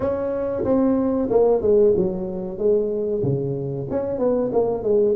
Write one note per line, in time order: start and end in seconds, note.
0.00 0.64 C#4
0.64 1.28 C4
1.30 1.61 A#3
1.61 1.94 G#3
1.96 2.58 F#3
2.58 3.22 G#3
3.23 3.87 C#3
3.90 4.18 C#4
4.18 4.50 B3
4.52 4.83 A#3
4.83 5.15 G#3